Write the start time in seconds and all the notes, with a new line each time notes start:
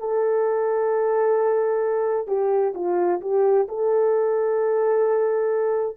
0.00 A4
2.28 G4
2.75 F4
3.21 G4
3.68 A4